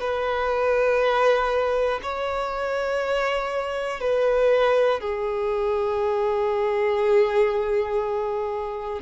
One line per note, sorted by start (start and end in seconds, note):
0.00 2.00 B4
2.03 4.00 C#5
4.00 5.00 B4
5.00 9.00 G#4